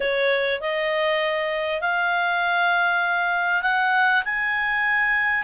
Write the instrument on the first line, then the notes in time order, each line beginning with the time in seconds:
clarinet
0.00 C#5
0.60 D#5
1.81 F5
3.62 F#5
4.24 G#5